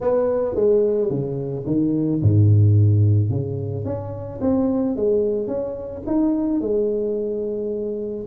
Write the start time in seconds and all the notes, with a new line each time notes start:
0.00 B3
0.55 G#3
1.10 C#3
1.66 D#3
2.22 G#2
3.30 C#3
3.84 C#4
4.40 C4
4.95 G#3
5.47 C#4
6.06 D#4
6.60 G#3